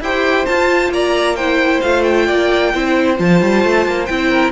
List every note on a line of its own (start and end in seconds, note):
0.00 0.45 E4
0.00 0.46 G4
0.00 0.93 C5
0.00 0.45 G5
0.45 1.36 F4
0.45 0.89 F4
0.45 0.90 A5
0.89 1.79 A#3
0.89 1.36 D5
0.89 1.35 A#5
1.35 1.84 E4
1.35 2.26 C5
1.35 1.81 G5
1.81 2.28 A3
1.81 2.73 F4
1.81 2.03 F5
2.03 3.16 G5
2.26 2.73 A#3
2.26 2.71 D5
2.73 3.19 C4
2.73 3.16 E4
2.73 4.29 C5
3.16 3.41 F3
3.16 4.06 F4
3.16 4.05 A5
3.41 3.64 G3
3.64 3.86 A3
3.86 4.08 A#3
4.05 4.52 C4
4.05 4.52 E4
4.05 4.50 G5
4.29 4.52 A#4